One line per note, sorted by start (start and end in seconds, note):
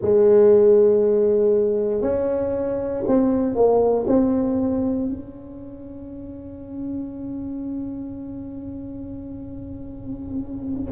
0.01 2.01 G#3
2.01 3.03 C#4
3.07 3.55 C4
3.55 4.06 A#3
4.07 5.08 C4
5.08 10.92 C#4